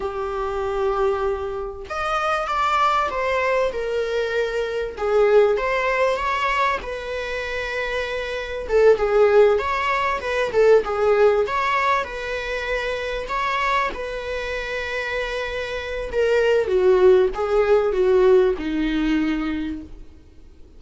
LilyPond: \new Staff \with { instrumentName = "viola" } { \time 4/4 \tempo 4 = 97 g'2. dis''4 | d''4 c''4 ais'2 | gis'4 c''4 cis''4 b'4~ | b'2 a'8 gis'4 cis''8~ |
cis''8 b'8 a'8 gis'4 cis''4 b'8~ | b'4. cis''4 b'4.~ | b'2 ais'4 fis'4 | gis'4 fis'4 dis'2 | }